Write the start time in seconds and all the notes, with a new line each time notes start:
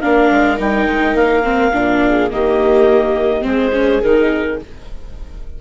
0.00 A#3 D4 A#4 F5
0.30 G#3
0.57 G3 D#4 G5
0.86 G#3
1.14 A#3 F5
1.43 C4
1.72 A#2 D4
2.05 G#4
2.30 D#3 A#3 G4 D#5
3.41 G#3 C4 G#4 C5
3.72 C#4
4.01 D#3 D#4 A#4